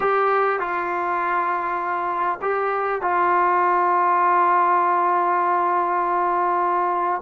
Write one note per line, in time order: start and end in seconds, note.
0.00 0.59 G4
0.59 2.39 F4
2.41 3.01 G4
3.01 7.21 F4